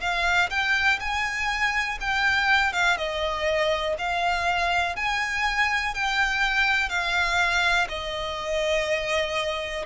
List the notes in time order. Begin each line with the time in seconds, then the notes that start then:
0.00 F5
0.50 G5
1.00 G#5
2.00 G5
2.72 F5
2.97 D#5
3.98 F5
4.96 G#5
5.94 G5
6.89 F5
7.89 D#5